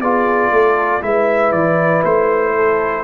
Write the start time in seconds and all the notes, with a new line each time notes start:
0.00 B3 F4 G#4 D5
0.50 A3 A4
1.01 G#3 E4 B4 E5
1.52 E3 D5
2.04 A3 C5
2.55 A4